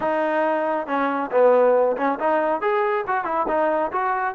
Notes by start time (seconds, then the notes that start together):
0.00 D#4
0.86 C#4
1.31 B3
1.97 C#4
2.19 D#4
2.61 G#4
3.07 F#4
3.24 E4
3.48 D#4
3.92 F#4